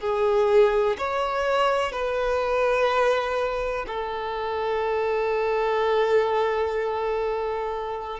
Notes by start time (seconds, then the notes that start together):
0.00 G#4
0.98 C#5
1.92 B4
3.87 A4